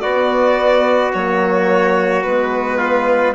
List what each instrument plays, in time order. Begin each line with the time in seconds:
0.00 bassoon B3, horn B3, trumpet F#4, violin D5
1.13 bassoon F#3, horn A#3, violin C#5
2.23 bassoon G#3, horn B3, violin B4
2.78 trumpet F4